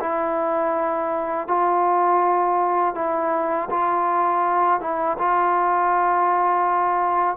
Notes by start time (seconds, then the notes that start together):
0.00 E4
1.48 F4
2.95 E4
3.70 F4
4.80 E4
5.19 F4